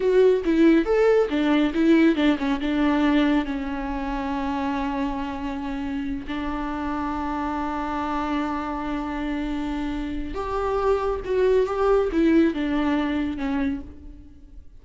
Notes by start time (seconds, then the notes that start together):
0.00 F#4
0.44 E4
0.85 A4
1.29 D4
1.74 E4
2.15 D4
2.38 C#4
2.60 D4
3.45 C#4
6.27 D4
10.34 G4
11.24 F#4
11.66 G4
12.12 E4
12.53 D4
13.37 C#4